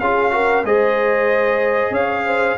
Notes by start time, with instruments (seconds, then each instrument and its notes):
0.00 tuba C#4, trombone F4, horn G#4, trumpet F5
0.31 trombone F#4, horn A#4
0.64 tuba G#3, trombone G#4, horn C5, trumpet D#5
1.90 tuba C#4, horn C#5, trumpet F5
2.26 horn C5